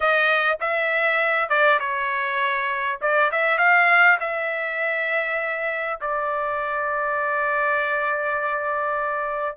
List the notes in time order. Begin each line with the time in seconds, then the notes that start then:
0.00 D#5
0.60 E5
1.49 D5
1.79 C#5
3.01 D5
3.31 E5
3.58 F5
4.20 E5
6.00 D5